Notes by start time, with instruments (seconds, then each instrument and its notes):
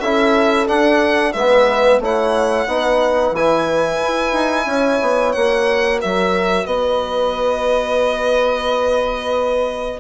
0.00 bassoon C#4, trombone E4, horn A4, violin E5
0.67 trombone D4, bassoon D4, violin F#5
1.33 bassoon G#3, trombone B3, horn B4, violin E5
1.99 bassoon A3, trombone E4, horn C#5, violin F#5
2.67 bassoon B3, trombone D#4, horn B4
3.31 bassoon E3, trombone E4, violin G#5
4.03 bassoon E4
4.33 bassoon D#4
4.66 bassoon C#4, horn C#5
5.02 bassoon B3
5.32 bassoon A#3, trombone F#4, violin F#5
6.00 bassoon F#3, horn A#4, violin E5
6.66 bassoon B3, horn B4, violin D#5